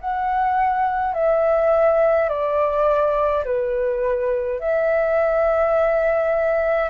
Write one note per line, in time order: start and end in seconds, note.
0.00 1.14 F#5
1.14 2.29 E5
2.29 3.45 D5
3.45 4.60 B4
4.60 6.90 E5